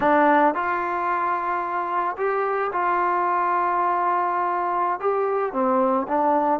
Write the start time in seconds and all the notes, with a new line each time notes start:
0.00 D4
0.54 F4
2.17 G4
2.72 F4
5.00 G4
5.52 C4
6.08 D4